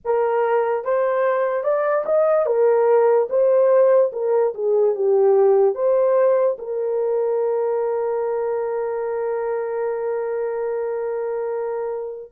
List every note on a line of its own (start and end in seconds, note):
0.04 0.84 A#4
0.84 1.63 C5
1.63 2.04 D5
2.05 2.45 D#5
2.45 3.28 A#4
3.29 4.11 C5
4.12 4.53 A#4
4.54 4.95 G#4
4.95 5.74 G4
5.74 6.56 C5
6.58 12.32 A#4